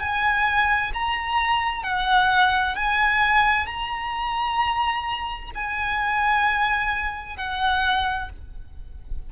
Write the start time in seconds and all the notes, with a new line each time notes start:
0.00 G#5
0.94 A#5
1.84 F#5
2.76 G#5
3.67 A#5
5.56 G#5
7.38 F#5